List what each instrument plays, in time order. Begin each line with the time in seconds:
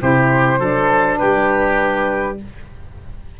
0.00 tuba C3, saxophone E4, oboe G4, flute C5
0.59 tuba F#3, saxophone D4, oboe A4
1.17 tuba G3, oboe G4, flute B4